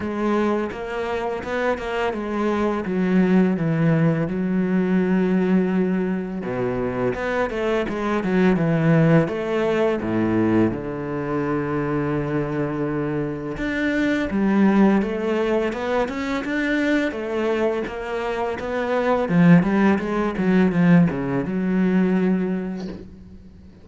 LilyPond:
\new Staff \with { instrumentName = "cello" } { \time 4/4 \tempo 4 = 84 gis4 ais4 b8 ais8 gis4 | fis4 e4 fis2~ | fis4 b,4 b8 a8 gis8 fis8 | e4 a4 a,4 d4~ |
d2. d'4 | g4 a4 b8 cis'8 d'4 | a4 ais4 b4 f8 g8 | gis8 fis8 f8 cis8 fis2 | }